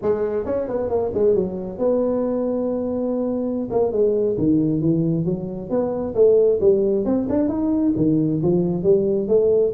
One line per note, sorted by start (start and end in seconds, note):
0.02 0.45 G#3
0.45 0.68 C#4
0.68 0.89 B3
0.89 1.12 A#3
1.14 1.34 G#3
1.34 1.78 F#3
1.78 3.68 B3
3.70 3.92 A#3
3.92 4.37 G#3
4.38 4.81 D#3
4.81 5.25 E3
5.25 5.69 F#3
5.69 6.14 B3
6.14 6.59 A3
6.60 7.05 G3
7.05 7.27 C4
7.29 7.48 D4
7.48 7.93 D#4
7.96 8.41 D#3
8.42 8.83 F3
8.83 9.27 G3
9.27 9.72 A3